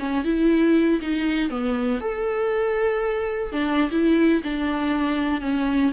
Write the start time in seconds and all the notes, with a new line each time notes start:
0.00 C#4
0.24 E4
1.02 D#4
1.50 B3
2.01 A4
3.52 D4
3.92 E4
4.44 D4
5.42 C#4